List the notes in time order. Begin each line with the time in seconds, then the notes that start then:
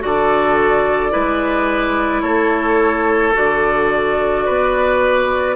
0.00 D3 F#4 A4 D5
1.10 G#3 E4 B4
2.21 A3 A4 C#5
3.33 D3 F#4 D5
4.45 B3 B4